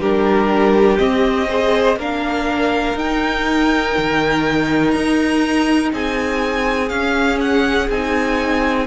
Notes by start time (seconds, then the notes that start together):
0.00 G3 D4 G4 A#4
0.98 C4 D#5
1.49 G#4 C5
1.96 A#3 D4 A#4 F5
2.95 D#4 G5
3.97 D#3
4.91 D#4 A#5
5.93 C4 G#4 G#5
6.89 C#4 F5
7.41 F#5
7.89 C4 D#4 G#5